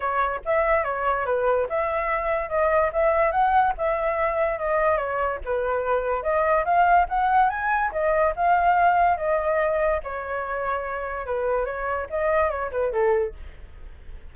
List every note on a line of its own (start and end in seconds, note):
0.00 0.40 C#5
0.45 0.84 E5
0.84 1.25 C#5
1.25 1.67 B4
1.69 2.49 E5
2.49 2.91 D#5
2.93 3.31 E5
3.31 3.73 F#5
3.77 4.58 E5
4.58 4.97 D#5
4.97 5.39 C#5
5.44 6.23 B4
6.23 6.64 D#5
6.64 7.06 F5
7.08 7.49 F#5
7.49 7.91 G#5
7.92 8.33 D#5
8.36 9.17 F5
9.17 10.00 D#5
10.03 11.25 C#5
11.25 11.65 B4
11.65 12.06 C#5
12.09 12.49 D#5
12.49 12.70 C#5
12.71 12.92 B4
12.92 13.34 A4